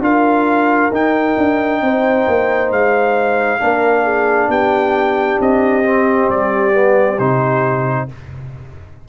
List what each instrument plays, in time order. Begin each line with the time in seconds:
0.00 tuba D4, trombone F4, horn A#4, trumpet F5
0.91 tuba D#4, trombone D#4, trumpet G5
1.38 tuba D4
1.82 tuba C4, horn C5
2.27 tuba A#3
2.71 tuba G#3, trumpet F5
3.60 tuba A#3, trombone D4, horn A#4
4.04 horn G#4
4.49 tuba B3, horn G4, trumpet G5
5.40 tuba C4, trumpet D#5
5.84 trombone C4
6.30 tuba G3, trumpet D5
6.73 trombone B3
7.19 tuba C3, trombone D#4, trumpet C5